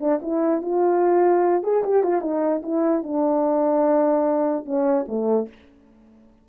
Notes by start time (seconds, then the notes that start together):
0.00 D4
0.22 E4
0.62 F4
1.63 G#4
1.84 G4
2.03 F4
2.21 D#4
2.63 E4
3.04 D4
4.65 C#4
5.08 A3